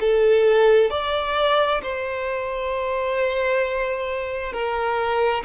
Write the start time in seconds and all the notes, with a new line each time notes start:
0.00 A4
0.90 D5
1.82 C5
4.52 A#4